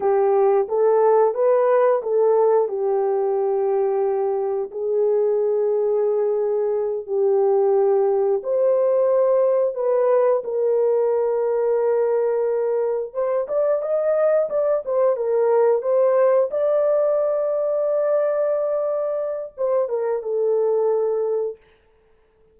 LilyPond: \new Staff \with { instrumentName = "horn" } { \time 4/4 \tempo 4 = 89 g'4 a'4 b'4 a'4 | g'2. gis'4~ | gis'2~ gis'8 g'4.~ | g'8 c''2 b'4 ais'8~ |
ais'2.~ ais'8 c''8 | d''8 dis''4 d''8 c''8 ais'4 c''8~ | c''8 d''2.~ d''8~ | d''4 c''8 ais'8 a'2 | }